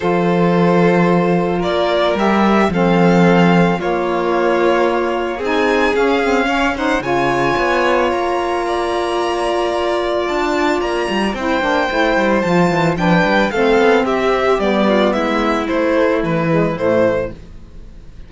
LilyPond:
<<
  \new Staff \with { instrumentName = "violin" } { \time 4/4 \tempo 4 = 111 c''2. d''4 | e''4 f''2 cis''4~ | cis''2 gis''4 f''4~ | f''8 fis''8 gis''2 ais''4~ |
ais''2. a''4 | ais''4 g''2 a''4 | g''4 f''4 e''4 d''4 | e''4 c''4 b'4 c''4 | }
  \new Staff \with { instrumentName = "violin" } { \time 4/4 a'2. ais'4~ | ais'4 a'2 f'4~ | f'2 gis'2 | cis''8 c''8 cis''2. |
d''1~ | d''4 c''2. | b'4 a'4 g'4. f'8 | e'1 | }
  \new Staff \with { instrumentName = "saxophone" } { \time 4/4 f'1 | g'4 c'2 ais4~ | ais2 dis'4 cis'8 c'8 | cis'8 dis'8 f'2.~ |
f'1~ | f'4 e'8 d'8 e'4 f'4 | d'4 c'2 b4~ | b4 a4. gis8 a4 | }
  \new Staff \with { instrumentName = "cello" } { \time 4/4 f2. ais4 | g4 f2 ais4~ | ais2 c'4 cis'4~ | cis'4 cis4 b4 ais4~ |
ais2. d'4 | ais8 g8 c'8 ais8 a8 g8 f8 e8 | f8 g8 a8 b8 c'4 g4 | gis4 a4 e4 a,4 | }
>>